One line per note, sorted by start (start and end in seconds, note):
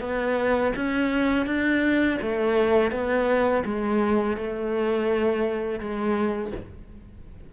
0.00 0.72 B3
0.75 1.46 C#4
1.46 2.18 D4
2.21 2.91 A3
2.91 3.63 B3
3.65 4.37 G#3
4.37 5.79 A3
5.79 6.52 G#3